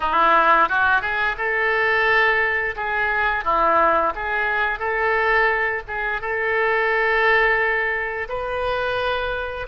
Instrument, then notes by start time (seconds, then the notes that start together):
oboe
0.00 E4
0.68 F#4
1.01 G#4
1.37 A4
2.76 G#4
3.44 E4
4.15 G#4
4.79 A4
5.87 G#4
6.21 A4
8.29 B4